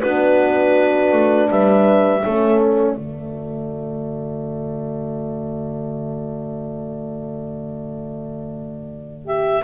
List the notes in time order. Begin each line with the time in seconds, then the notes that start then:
0.00 B3 D4 F#4 B4
1.12 A3
1.49 G3 B4 E5
2.22 A3 C#4 A4
2.60 D5
2.95 D3 A3 F#4
9.25 G4 E5